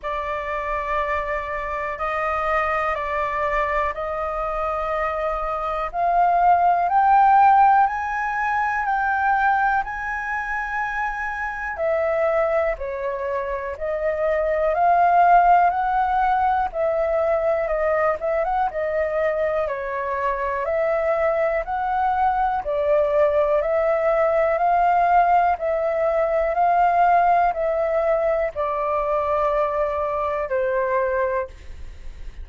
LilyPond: \new Staff \with { instrumentName = "flute" } { \time 4/4 \tempo 4 = 61 d''2 dis''4 d''4 | dis''2 f''4 g''4 | gis''4 g''4 gis''2 | e''4 cis''4 dis''4 f''4 |
fis''4 e''4 dis''8 e''16 fis''16 dis''4 | cis''4 e''4 fis''4 d''4 | e''4 f''4 e''4 f''4 | e''4 d''2 c''4 | }